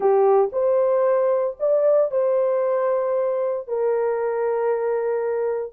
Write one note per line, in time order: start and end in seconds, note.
0.00 0.50 G4
0.52 1.57 C5
1.59 2.11 D5
2.11 3.67 C5
3.67 5.72 A#4